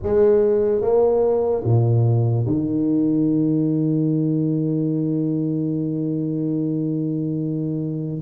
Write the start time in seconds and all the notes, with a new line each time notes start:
0.03 G#3
0.81 A#3
1.63 A#2
2.46 D#3